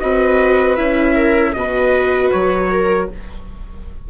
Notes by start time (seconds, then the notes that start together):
0.00 C4 F#4 B4 D#5
0.76 C#4 E4 E5
1.14 A#4
1.53 B2 F#4 B4 D#5
2.32 F#3 C#5
2.70 A#4